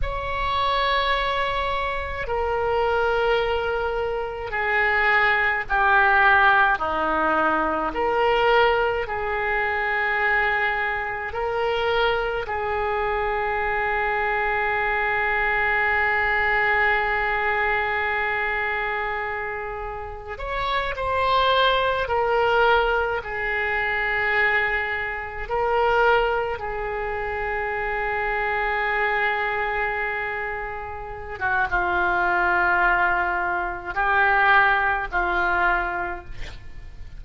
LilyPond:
\new Staff \with { instrumentName = "oboe" } { \time 4/4 \tempo 4 = 53 cis''2 ais'2 | gis'4 g'4 dis'4 ais'4 | gis'2 ais'4 gis'4~ | gis'1~ |
gis'2 cis''8 c''4 ais'8~ | ais'8 gis'2 ais'4 gis'8~ | gis'2.~ gis'8. fis'16 | f'2 g'4 f'4 | }